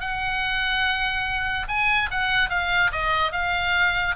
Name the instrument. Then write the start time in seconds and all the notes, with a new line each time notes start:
oboe
0.00 F#5
1.68 G#5
2.10 F#5
2.49 F5
2.92 D#5
3.32 F5